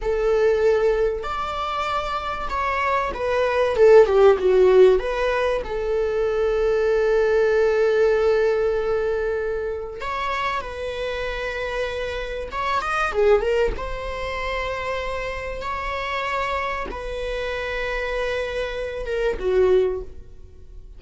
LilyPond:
\new Staff \with { instrumentName = "viola" } { \time 4/4 \tempo 4 = 96 a'2 d''2 | cis''4 b'4 a'8 g'8 fis'4 | b'4 a'2.~ | a'1 |
cis''4 b'2. | cis''8 dis''8 gis'8 ais'8 c''2~ | c''4 cis''2 b'4~ | b'2~ b'8 ais'8 fis'4 | }